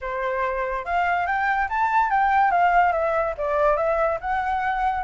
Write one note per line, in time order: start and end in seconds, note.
0.01 0.85 C5
0.85 1.26 F5
1.26 1.68 G5
1.69 2.10 A5
2.10 2.51 G5
2.51 2.92 F5
2.92 3.34 E5
3.37 3.76 D5
3.76 4.18 E5
4.21 5.04 F#5